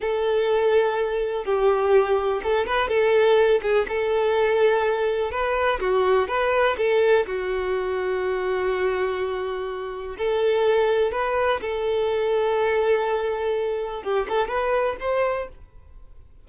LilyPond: \new Staff \with { instrumentName = "violin" } { \time 4/4 \tempo 4 = 124 a'2. g'4~ | g'4 a'8 b'8 a'4. gis'8 | a'2. b'4 | fis'4 b'4 a'4 fis'4~ |
fis'1~ | fis'4 a'2 b'4 | a'1~ | a'4 g'8 a'8 b'4 c''4 | }